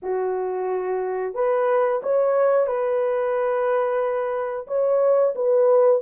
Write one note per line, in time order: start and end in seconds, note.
0.02 1.34 F#4
1.34 2.01 B4
2.02 2.66 C#5
2.66 4.66 B4
4.67 5.33 C#5
5.35 6.02 B4